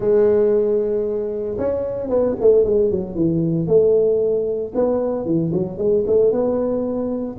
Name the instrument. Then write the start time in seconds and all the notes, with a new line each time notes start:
tuba
0.00 G#3
1.58 C#4
2.09 B3
2.40 A3
2.64 G#3
2.90 F#3
3.15 E3
3.67 A3
4.75 B3
5.25 E3
5.53 F#3
5.78 G#3
6.06 A3
6.31 B3